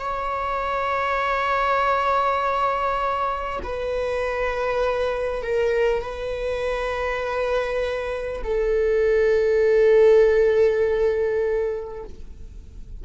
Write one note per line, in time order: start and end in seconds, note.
0.00 3.60 C#5
3.63 5.43 B4
5.43 6.02 A#4
6.02 8.42 B4
8.44 12.04 A4